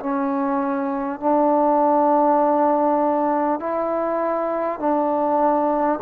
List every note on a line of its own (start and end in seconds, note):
0.00 1.20 C#4
1.20 3.60 D4
3.60 4.79 E4
4.79 5.99 D4